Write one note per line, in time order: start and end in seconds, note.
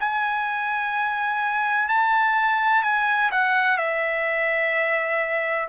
0.00 1.88 G#5
1.88 2.83 A5
2.83 3.31 G#5
3.31 3.77 F#5
3.77 5.68 E5